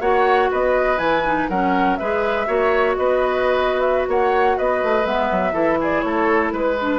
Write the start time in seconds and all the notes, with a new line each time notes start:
0.00 A#3 F#4 C#5 F#5
0.51 B3 B4 D#5
0.97 E3 E4 G#5
1.25 D#4
1.49 F#3 C#4 A#4 F#5
1.97 G#3 G#4 B4 E5
2.47 A#3 F#4 C#5
2.96 B3 B4 D#5
3.81 E5
4.08 A#3 C#5 F#5
4.57 B3 B4 D#5
4.83 A3
5.04 G#3 B3 E5
5.31 F#3
5.52 E3 E4 A4
5.80 G#4 D5
6.01 A3 A4 C#5
6.52 G#3 B4
6.81 D4